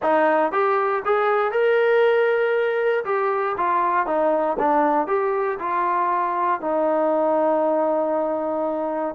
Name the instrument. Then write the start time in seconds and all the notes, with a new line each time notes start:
trombone
0.02 D#4
0.52 G4
1.05 G#4
1.51 A#4
3.05 G4
3.57 F4
4.06 D#4
4.59 D4
5.07 G4
5.59 F4
6.61 D#4